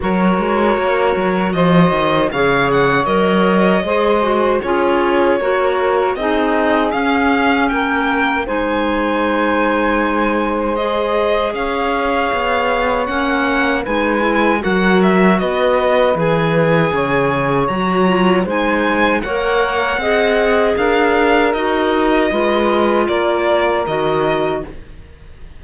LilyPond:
<<
  \new Staff \with { instrumentName = "violin" } { \time 4/4 \tempo 4 = 78 cis''2 dis''4 f''8 fis''8 | dis''2 cis''2 | dis''4 f''4 g''4 gis''4~ | gis''2 dis''4 f''4~ |
f''4 fis''4 gis''4 fis''8 e''8 | dis''4 gis''2 ais''4 | gis''4 fis''2 f''4 | dis''2 d''4 dis''4 | }
  \new Staff \with { instrumentName = "saxophone" } { \time 4/4 ais'2 c''4 cis''4~ | cis''4 c''4 gis'4 ais'4 | gis'2 ais'4 c''4~ | c''2. cis''4~ |
cis''2 b'4 ais'4 | b'2 cis''2 | c''4 cis''4 dis''4 ais'4~ | ais'4 b'4 ais'2 | }
  \new Staff \with { instrumentName = "clarinet" } { \time 4/4 fis'2. gis'4 | ais'4 gis'8 fis'8 f'4 fis'4 | dis'4 cis'2 dis'4~ | dis'2 gis'2~ |
gis'4 cis'4 dis'8 e'8 fis'4~ | fis'4 gis'2 fis'8 f'8 | dis'4 ais'4 gis'2 | fis'4 f'2 fis'4 | }
  \new Staff \with { instrumentName = "cello" } { \time 4/4 fis8 gis8 ais8 fis8 f8 dis8 cis4 | fis4 gis4 cis'4 ais4 | c'4 cis'4 ais4 gis4~ | gis2. cis'4 |
b4 ais4 gis4 fis4 | b4 e4 cis4 fis4 | gis4 ais4 c'4 d'4 | dis'4 gis4 ais4 dis4 | }
>>